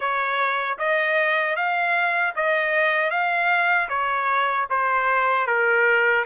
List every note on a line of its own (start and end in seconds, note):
0.00 0.78 C#5
0.78 1.55 D#5
1.55 2.33 F5
2.36 3.10 D#5
3.10 3.88 F5
3.88 4.66 C#5
4.70 5.47 C5
5.47 6.24 A#4